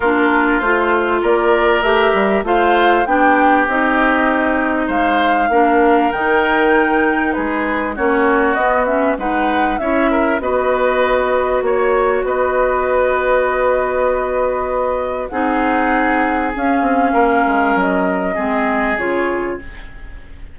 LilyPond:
<<
  \new Staff \with { instrumentName = "flute" } { \time 4/4 \tempo 4 = 98 ais'4 c''4 d''4 e''4 | f''4 g''4 dis''2 | f''2 g''2 | b'4 cis''4 dis''8 e''8 fis''4 |
e''4 dis''2 cis''4 | dis''1~ | dis''4 fis''2 f''4~ | f''4 dis''2 cis''4 | }
  \new Staff \with { instrumentName = "oboe" } { \time 4/4 f'2 ais'2 | c''4 g'2. | c''4 ais'2. | gis'4 fis'2 b'4 |
cis''8 ais'8 b'2 cis''4 | b'1~ | b'4 gis'2. | ais'2 gis'2 | }
  \new Staff \with { instrumentName = "clarinet" } { \time 4/4 d'4 f'2 g'4 | f'4 d'4 dis'2~ | dis'4 d'4 dis'2~ | dis'4 cis'4 b8 cis'8 dis'4 |
e'4 fis'2.~ | fis'1~ | fis'4 dis'2 cis'4~ | cis'2 c'4 f'4 | }
  \new Staff \with { instrumentName = "bassoon" } { \time 4/4 ais4 a4 ais4 a8 g8 | a4 b4 c'2 | gis4 ais4 dis2 | gis4 ais4 b4 gis4 |
cis'4 b2 ais4 | b1~ | b4 c'2 cis'8 c'8 | ais8 gis8 fis4 gis4 cis4 | }
>>